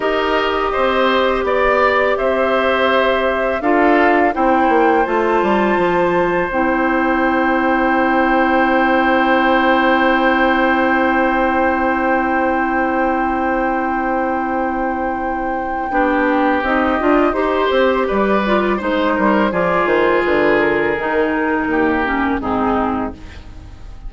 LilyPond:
<<
  \new Staff \with { instrumentName = "flute" } { \time 4/4 \tempo 4 = 83 dis''2 d''4 e''4~ | e''4 f''4 g''4 a''4~ | a''4 g''2.~ | g''1~ |
g''1~ | g''2. dis''4 | c''4 d''4 c''4 d''8 c''8 | b'8 ais'2~ ais'8 gis'4 | }
  \new Staff \with { instrumentName = "oboe" } { \time 4/4 ais'4 c''4 d''4 c''4~ | c''4 a'4 c''2~ | c''1~ | c''1~ |
c''1~ | c''2 g'2 | c''4 b'4 c''8 ais'8 gis'4~ | gis'2 g'4 dis'4 | }
  \new Staff \with { instrumentName = "clarinet" } { \time 4/4 g'1~ | g'4 f'4 e'4 f'4~ | f'4 e'2.~ | e'1~ |
e'1~ | e'2 d'4 dis'8 f'8 | g'4. f'8 dis'4 f'4~ | f'4 dis'4. cis'8 c'4 | }
  \new Staff \with { instrumentName = "bassoon" } { \time 4/4 dis'4 c'4 b4 c'4~ | c'4 d'4 c'8 ais8 a8 g8 | f4 c'2.~ | c'1~ |
c'1~ | c'2 b4 c'8 d'8 | dis'8 c'8 g4 gis8 g8 f8 dis8 | d4 dis4 dis,4 gis,4 | }
>>